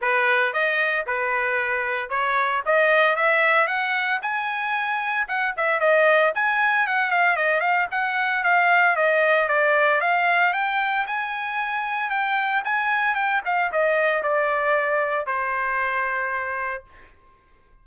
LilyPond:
\new Staff \with { instrumentName = "trumpet" } { \time 4/4 \tempo 4 = 114 b'4 dis''4 b'2 | cis''4 dis''4 e''4 fis''4 | gis''2 fis''8 e''8 dis''4 | gis''4 fis''8 f''8 dis''8 f''8 fis''4 |
f''4 dis''4 d''4 f''4 | g''4 gis''2 g''4 | gis''4 g''8 f''8 dis''4 d''4~ | d''4 c''2. | }